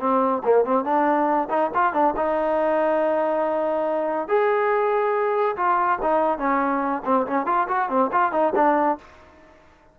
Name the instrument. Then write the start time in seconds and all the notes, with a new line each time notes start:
trombone
0.00 C4
0.45 A#3
0.65 C4
0.85 D4
1.50 D#4
1.75 F4
1.93 D4
2.17 D#4
4.28 G#4
5.56 F4
6.02 D#4
6.39 C#4
7.05 C4
7.27 C#4
7.46 F4
7.68 F#4
7.89 C4
8.12 F4
8.32 D#4
8.56 D4